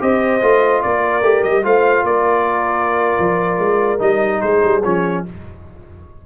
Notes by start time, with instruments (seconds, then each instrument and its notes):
0.00 tuba C4, trombone G4, horn C5, trumpet D#5
0.42 tuba A3, trombone F4
0.82 tuba A#3, horn A#4, trumpet D5
1.22 tuba A3, trombone G4
1.44 tuba G3, trumpet D#5
1.63 tuba A3, trombone F4, horn C5, trumpet F5
2.04 tuba A#3, horn A#4, trumpet D5
3.19 tuba F3
3.58 tuba G#3
3.99 tuba G3, trombone D#4, trumpet D#5
4.41 tuba G#3, horn G#4, trumpet C5
4.64 tuba G3
4.84 tuba F3, trombone C#4, trumpet C#5